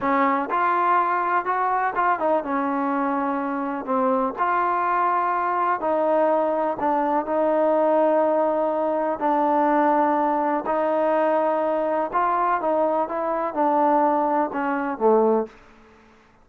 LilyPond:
\new Staff \with { instrumentName = "trombone" } { \time 4/4 \tempo 4 = 124 cis'4 f'2 fis'4 | f'8 dis'8 cis'2. | c'4 f'2. | dis'2 d'4 dis'4~ |
dis'2. d'4~ | d'2 dis'2~ | dis'4 f'4 dis'4 e'4 | d'2 cis'4 a4 | }